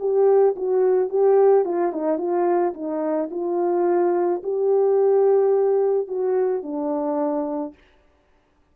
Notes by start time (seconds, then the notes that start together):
0.00 G4
0.57 F#4
1.10 G4
1.65 F4
1.93 D#4
2.18 F4
2.74 D#4
3.31 F4
4.44 G4
6.08 F#4
6.63 D4